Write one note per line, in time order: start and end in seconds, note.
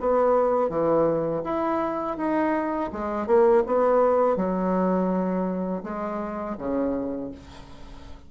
0.00 0.69 B3
0.69 1.42 E3
1.44 2.17 E4
2.17 2.90 D#4
2.92 3.27 G#3
3.27 3.63 A#3
3.66 4.36 B3
4.36 5.82 F#3
5.83 6.57 G#3
6.58 7.31 C#3